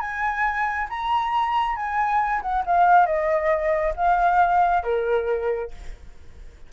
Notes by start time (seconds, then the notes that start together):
0.00 G#5
0.89 A#5
1.76 G#5
2.42 F#5
2.66 F5
3.06 D#5
3.96 F5
4.83 A#4